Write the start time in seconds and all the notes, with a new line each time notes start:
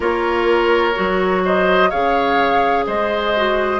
0.00 A#3 F4 A#4 C#5
0.95 F#3 F#4
1.44 C5 D#5
1.90 C#3 G#4 C#5 F5
2.86 G#3 C5 D#5
3.36 F#4